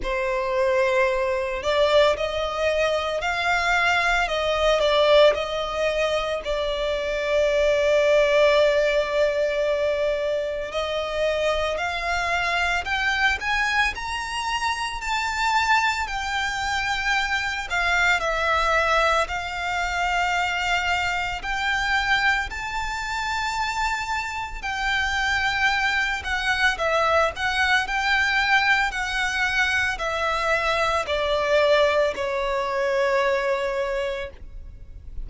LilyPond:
\new Staff \with { instrumentName = "violin" } { \time 4/4 \tempo 4 = 56 c''4. d''8 dis''4 f''4 | dis''8 d''8 dis''4 d''2~ | d''2 dis''4 f''4 | g''8 gis''8 ais''4 a''4 g''4~ |
g''8 f''8 e''4 f''2 | g''4 a''2 g''4~ | g''8 fis''8 e''8 fis''8 g''4 fis''4 | e''4 d''4 cis''2 | }